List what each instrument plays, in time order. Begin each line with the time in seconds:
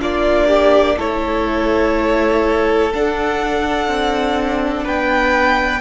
0.00 cello A#3, viola D4, violin F4 D5
0.47 violin G4
0.97 cello A3, viola E4, violin A4 C#5
2.93 viola D4, cello D4, violin F#5
3.88 cello C4
4.84 cello B3, violin B4 G5